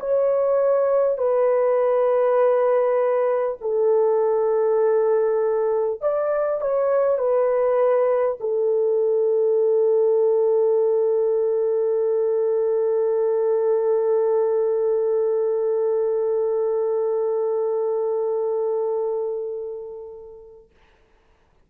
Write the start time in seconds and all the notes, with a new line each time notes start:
0.00 C#5
1.18 B4
3.61 A4
6.01 D5
6.61 C#5
7.18 B4
8.40 A4